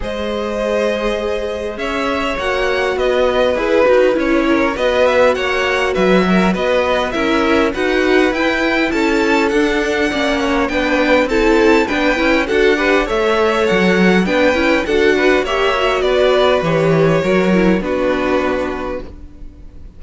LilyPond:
<<
  \new Staff \with { instrumentName = "violin" } { \time 4/4 \tempo 4 = 101 dis''2. e''4 | fis''4 dis''4 b'4 cis''4 | dis''8 e''8 fis''4 e''4 dis''4 | e''4 fis''4 g''4 a''4 |
fis''2 g''4 a''4 | g''4 fis''4 e''4 fis''4 | g''4 fis''4 e''4 d''4 | cis''2 b'2 | }
  \new Staff \with { instrumentName = "violin" } { \time 4/4 c''2. cis''4~ | cis''4 b'2~ b'8 ais'8 | b'4 cis''4 b'8 ais'8 b'4 | ais'4 b'2 a'4~ |
a'4 d''8 cis''8 b'4 a'4 | b'4 a'8 b'8 cis''2 | b'4 a'8 b'8 cis''4 b'4~ | b'4 ais'4 fis'2 | }
  \new Staff \with { instrumentName = "viola" } { \time 4/4 gis'1 | fis'2 gis'8 fis'8 e'4 | fis'1 | e'4 fis'4 e'2 |
d'4 cis'4 d'4 e'4 | d'8 e'8 fis'8 g'8 a'2 | d'8 e'8 fis'4 g'8 fis'4. | g'4 fis'8 e'8 d'2 | }
  \new Staff \with { instrumentName = "cello" } { \time 4/4 gis2. cis'4 | ais4 b4 e'8 dis'8 cis'4 | b4 ais4 fis4 b4 | cis'4 dis'4 e'4 cis'4 |
d'4 ais4 b4 c'4 | b8 cis'8 d'4 a4 fis4 | b8 cis'8 d'4 ais4 b4 | e4 fis4 b2 | }
>>